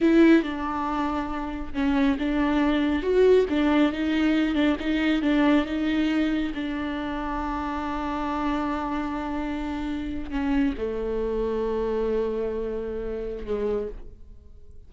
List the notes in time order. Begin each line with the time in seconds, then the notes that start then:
0.01 E4
0.42 D4
1.73 C#4
2.18 D4
3.02 F#4
3.49 D4
3.92 D#4
4.54 D4
4.79 D#4
5.22 D4
5.65 D#4
6.54 D4
10.30 C#4
10.77 A3
13.45 G#3